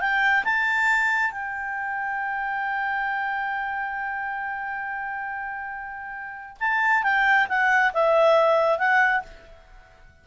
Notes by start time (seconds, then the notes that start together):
0.00 G5
0.44 A5
1.31 G5
6.60 A5
7.03 G5
7.48 F#5
7.93 E5
8.78 F#5